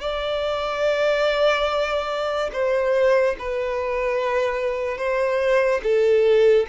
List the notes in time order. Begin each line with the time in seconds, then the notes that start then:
0.00 D5
2.52 C5
3.38 B4
4.97 C5
5.83 A4